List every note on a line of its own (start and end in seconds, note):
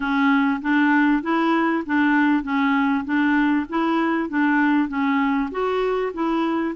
0.00 0.60 C#4
0.61 1.22 D4
1.22 1.83 E4
1.86 2.43 D4
2.43 3.04 C#4
3.04 3.65 D4
3.69 4.29 E4
4.29 4.88 D4
4.88 5.49 C#4
5.51 6.12 F#4
6.13 6.74 E4